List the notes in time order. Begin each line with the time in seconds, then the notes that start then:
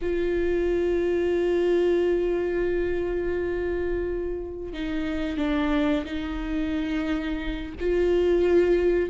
0.01 F4
4.73 D#4
5.37 D4
6.05 D#4
7.80 F4